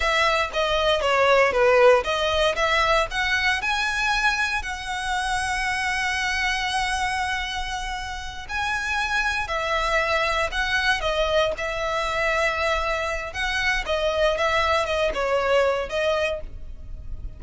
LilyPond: \new Staff \with { instrumentName = "violin" } { \time 4/4 \tempo 4 = 117 e''4 dis''4 cis''4 b'4 | dis''4 e''4 fis''4 gis''4~ | gis''4 fis''2.~ | fis''1~ |
fis''8 gis''2 e''4.~ | e''8 fis''4 dis''4 e''4.~ | e''2 fis''4 dis''4 | e''4 dis''8 cis''4. dis''4 | }